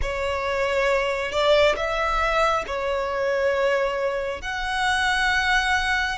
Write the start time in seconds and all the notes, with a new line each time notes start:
0.02 C#5
1.31 D5
1.76 E5
2.66 C#5
4.41 F#5